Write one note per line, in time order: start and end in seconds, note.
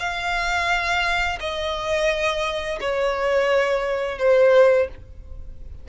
0.00 1.40 F5
1.40 2.80 D#5
2.81 4.19 C#5
4.19 4.89 C5